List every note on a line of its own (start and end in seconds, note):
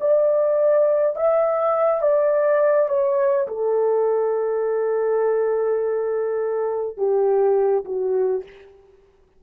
0.00 1.16 D5
1.16 2.02 E5
2.02 2.89 D5
2.89 3.47 C#5
3.47 6.97 A4
6.97 7.84 G4
7.85 8.43 F#4